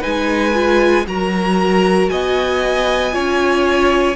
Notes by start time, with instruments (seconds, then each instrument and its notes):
0.00 cello G#3, viola D#4, violin B4 G#5
0.54 viola F4
1.06 cello F#3, viola F#4, violin A#4 A#5
2.09 cello B3, violin D#5 G#5
3.11 cello C#4, viola F4, violin C#5